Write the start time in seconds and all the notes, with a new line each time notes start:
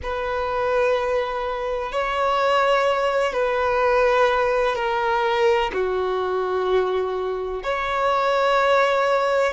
0.03 B4
1.92 C#5
3.32 B4
4.75 A#4
5.73 F#4
7.63 C#5